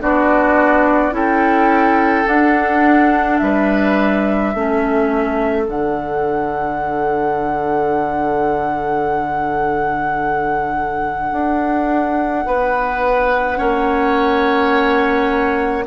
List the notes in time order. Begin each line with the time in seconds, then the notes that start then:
0.00 B3 D4 F#4 D5
1.11 C#4 E4 A4 G5
2.26 D4 F#5
3.38 G3 B4 E5
4.54 A3 C#4 A4
5.67 D3 D4 F#5
11.32 D4
12.46 B3 B4
13.56 A#3 C#4 C#5